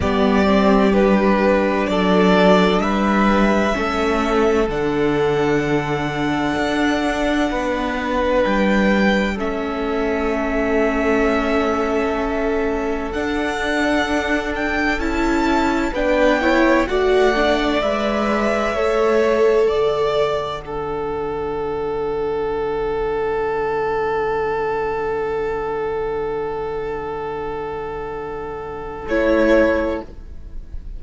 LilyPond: <<
  \new Staff \with { instrumentName = "violin" } { \time 4/4 \tempo 4 = 64 d''4 b'4 d''4 e''4~ | e''4 fis''2.~ | fis''4 g''4 e''2~ | e''2 fis''4. g''8 |
a''4 g''4 fis''4 e''4~ | e''4 fis''2.~ | fis''1~ | fis''2. cis''4 | }
  \new Staff \with { instrumentName = "violin" } { \time 4/4 g'2 a'4 b'4 | a'1 | b'2 a'2~ | a'1~ |
a'4 b'8 cis''8 d''2 | cis''4 d''4 a'2~ | a'1~ | a'1 | }
  \new Staff \with { instrumentName = "viola" } { \time 4/4 b8 c'8 d'2. | cis'4 d'2.~ | d'2 cis'2~ | cis'2 d'2 |
e'4 d'8 e'8 fis'8 d'8 b'4 | a'2 d'2~ | d'1~ | d'2. e'4 | }
  \new Staff \with { instrumentName = "cello" } { \time 4/4 g2 fis4 g4 | a4 d2 d'4 | b4 g4 a2~ | a2 d'2 |
cis'4 b4 a4 gis4 | a4 d2.~ | d1~ | d2. a4 | }
>>